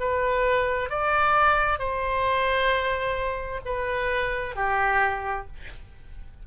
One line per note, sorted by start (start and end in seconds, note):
0.00 0.90 B4
0.90 1.79 D5
1.79 3.61 C5
3.66 4.56 B4
4.56 5.47 G4